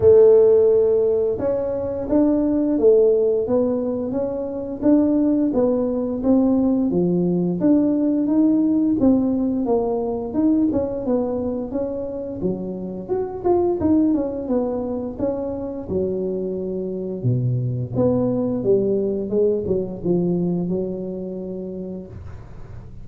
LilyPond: \new Staff \with { instrumentName = "tuba" } { \time 4/4 \tempo 4 = 87 a2 cis'4 d'4 | a4 b4 cis'4 d'4 | b4 c'4 f4 d'4 | dis'4 c'4 ais4 dis'8 cis'8 |
b4 cis'4 fis4 fis'8 f'8 | dis'8 cis'8 b4 cis'4 fis4~ | fis4 b,4 b4 g4 | gis8 fis8 f4 fis2 | }